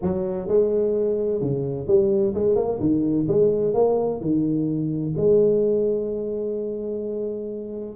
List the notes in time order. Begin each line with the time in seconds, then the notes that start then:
0.01 F#3
0.48 G#3
1.41 C#3
1.87 G3
2.34 G#3
2.55 A#3
2.80 D#3
3.27 G#3
3.74 A#3
4.20 D#3
5.16 G#3